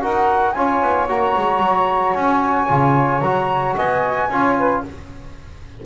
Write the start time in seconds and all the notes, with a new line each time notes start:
0.00 D#4 F#4 A#4 F#5
0.52 C#4 F4 C#5 G#5
0.81 B3
1.08 A#3 F#4 A#5
1.36 G#3
1.59 F#3
2.13 C#4 G#5
2.68 C#3 F4
3.20 F#3 F#4 A#5
3.76 B3 D#5 G#5
4.29 C#4 F4 C#5
4.57 B4